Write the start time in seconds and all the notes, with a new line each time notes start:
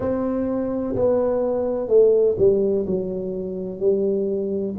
0.00 C4
0.95 B3
1.88 A3
2.38 G3
2.86 F#3
3.79 G3